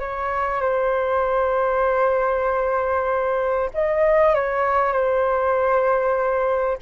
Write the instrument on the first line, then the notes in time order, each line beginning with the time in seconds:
flute
0.00 C#5
0.61 C5
3.74 D#5
4.35 C#5
4.93 C5